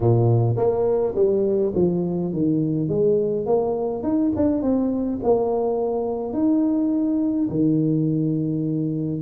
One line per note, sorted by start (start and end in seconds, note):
0.00 0.55 A#2
0.56 1.14 A#3
1.15 1.73 G3
1.75 2.32 F3
2.32 2.88 D#3
2.88 3.45 G#3
3.45 4.03 A#3
4.03 4.32 D#4
4.36 4.62 D4
4.62 5.19 C4
5.23 6.33 A#3
6.33 7.48 D#4
7.49 9.21 D#3